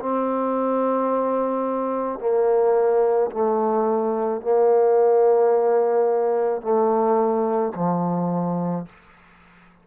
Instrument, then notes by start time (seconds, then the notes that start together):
trombone
0.00 C4
2.20 A#3
3.32 A3
4.41 A#3
6.62 A3
7.75 F3